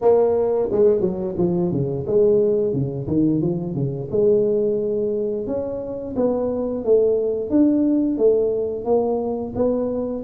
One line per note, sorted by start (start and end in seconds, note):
0.01 0.69 A#3
0.71 1.00 G#3
1.00 1.35 F#3
1.37 1.71 F3
1.71 2.05 C#3
2.06 2.72 G#3
2.72 3.07 C#3
3.07 3.41 D#3
3.41 3.74 F3
3.74 4.08 C#3
4.11 5.46 G#3
5.46 6.15 C#4
6.16 6.84 B3
6.84 7.50 A3
7.50 8.17 D4
8.17 8.85 A3
8.85 9.53 A#3
9.55 10.23 B3